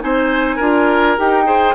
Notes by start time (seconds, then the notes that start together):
0.00 C4 D#4 C5 G#5
0.56 D4 F4 A#4
1.17 D#4 G4 G5
1.45 G#4 C5